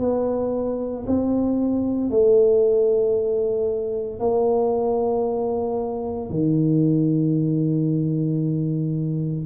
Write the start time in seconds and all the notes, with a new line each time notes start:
0.00 B3
1.07 C4
2.11 A3
4.20 A#3
6.30 D#3